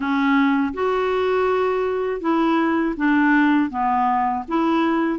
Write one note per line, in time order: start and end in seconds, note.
0.00 0.73 C#4
0.73 2.21 F#4
2.21 2.95 E4
2.96 3.69 D4
3.69 4.43 B3
4.47 5.19 E4